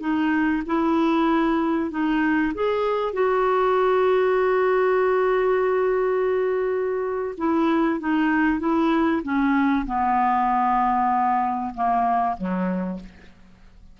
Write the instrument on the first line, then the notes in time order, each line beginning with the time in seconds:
clarinet
0.00 D#4
0.66 E4
1.91 D#4
2.54 G#4
3.13 F#4
7.38 E4
8.00 D#4
8.60 E4
9.23 C#4
9.86 B3
11.74 A#3
12.37 F#3